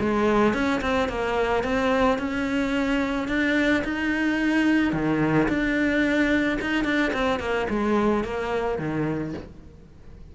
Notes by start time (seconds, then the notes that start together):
0.00 G#3
0.54 C#4
0.81 C4
1.09 A#3
1.64 C4
2.18 C#4
3.28 D4
3.84 D#4
4.93 D#3
5.49 D4
6.62 D#4
6.85 D4
7.13 C4
7.40 A#3
7.70 G#3
8.24 A#3
8.79 D#3